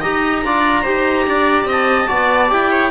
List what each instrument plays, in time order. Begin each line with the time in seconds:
0.00 cello D#4, trombone G4, viola D#5, clarinet A#5
0.44 cello D4, trombone F4, viola D5
0.81 cello D#4, trombone G4, viola C5
1.26 cello D4, viola D5
1.64 cello C4, viola D#5
1.71 clarinet A5
2.07 cello B3, trombone F#4, viola D5
2.48 cello E4, trombone G4, clarinet G5
2.71 viola C#5